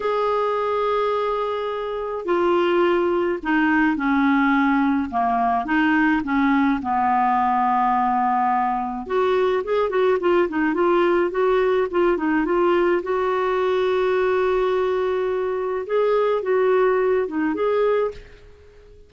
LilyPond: \new Staff \with { instrumentName = "clarinet" } { \time 4/4 \tempo 4 = 106 gis'1 | f'2 dis'4 cis'4~ | cis'4 ais4 dis'4 cis'4 | b1 |
fis'4 gis'8 fis'8 f'8 dis'8 f'4 | fis'4 f'8 dis'8 f'4 fis'4~ | fis'1 | gis'4 fis'4. dis'8 gis'4 | }